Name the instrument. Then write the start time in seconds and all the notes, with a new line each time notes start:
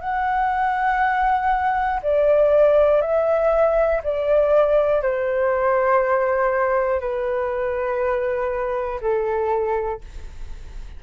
flute
0.00 F#5
2.02 D5
3.01 E5
4.03 D5
5.02 C5
7.00 B4
9.01 A4